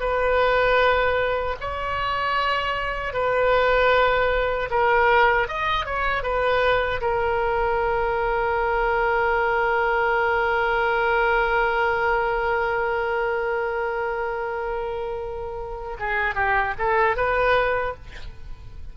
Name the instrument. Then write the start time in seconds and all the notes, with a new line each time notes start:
oboe
0.00 B4
1.60 C#5
3.13 B4
4.70 A#4
5.48 D#5
5.85 C#5
6.23 B4
7.01 A#4
15.99 G#4
16.35 G4
16.79 A4
17.16 B4